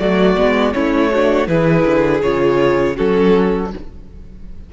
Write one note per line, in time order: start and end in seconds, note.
0.00 0.37 F#3
0.00 0.37 A3
0.00 0.75 F#4
0.00 0.73 D5
0.37 0.75 G#3
0.37 0.74 B3
0.73 1.48 A3
0.73 1.11 C#4
0.73 1.12 E4
0.73 1.47 C#5
1.12 1.48 D4
1.12 1.49 F#4
1.48 1.85 E3
1.48 2.22 E4
1.48 2.96 G#4
1.48 2.22 B4
1.85 2.23 D3
2.23 2.98 C#3
2.23 2.96 F4
2.23 2.97 C#5
2.96 3.73 F#3
2.96 3.70 C#4
2.96 3.70 F#4
2.96 3.72 A4